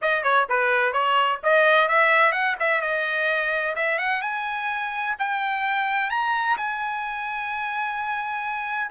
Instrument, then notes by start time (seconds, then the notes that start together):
trumpet
0.01 D#5
0.23 C#5
0.49 B4
0.92 C#5
1.43 D#5
1.88 E5
2.32 F#5
2.59 E5
2.81 D#5
3.75 E5
3.98 F#5
4.21 G#5
5.18 G5
6.10 A#5
6.57 G#5